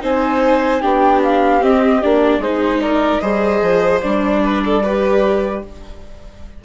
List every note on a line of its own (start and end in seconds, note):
0.00 0.82 C4
0.00 0.80 D#4
0.00 0.81 C5
0.00 0.81 G#5
0.81 1.63 B3
0.81 1.60 D4
0.81 2.39 G4
0.81 1.21 G5
1.23 1.63 F5
1.60 2.00 C4
1.60 2.03 C4
1.60 2.02 D#5
2.02 2.38 A#3
2.02 2.42 D4
2.02 2.42 D5
2.38 3.18 G#3
2.38 3.21 D#4
2.38 2.79 G#4
2.38 2.81 C5
2.81 3.21 A#4
2.81 3.19 D5
3.19 3.61 G3
3.19 4.01 G#4
3.19 4.41 C5
3.19 3.99 D#5
3.61 4.01 F3
4.01 5.64 G3
4.01 4.82 D4
4.01 5.61 D5
4.44 4.64 B4
4.65 4.83 A4
4.83 5.63 G4
4.83 5.63 B4